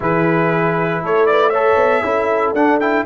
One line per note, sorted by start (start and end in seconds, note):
0.00 1.02 E3
0.00 1.52 E4
0.00 1.02 G#4
0.00 1.03 B4
1.02 1.75 A3
1.02 1.28 A4
1.02 1.26 C#5
1.26 1.50 B4
1.26 1.49 D5
1.49 2.03 A4
1.49 2.01 C#5
1.49 2.51 E5
1.75 2.01 B3
2.03 2.53 C#4
2.03 2.54 E4
2.03 3.05 A4
2.53 3.03 D4
2.53 2.80 D4
2.53 2.79 F#5
2.80 3.05 E4
2.80 3.05 G5